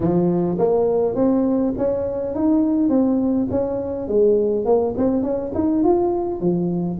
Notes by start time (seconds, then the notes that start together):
0.00 F3
0.58 A#3
1.15 C4
1.77 C#4
2.34 D#4
2.89 C4
3.51 C#4
4.08 G#3
4.65 A#3
4.97 C4
5.22 C#4
5.54 D#4
5.83 F4
6.40 F3